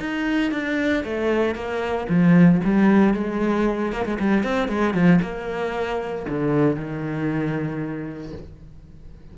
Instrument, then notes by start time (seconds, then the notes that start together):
cello
0.00 D#4
0.52 D4
1.04 A3
1.55 A#3
2.09 F3
2.65 G3
3.14 G#3
3.92 A#3
4.06 G#3
4.20 G3
4.43 C4
4.68 G#3
4.94 F3
5.22 A#3
6.29 D3
6.76 D#3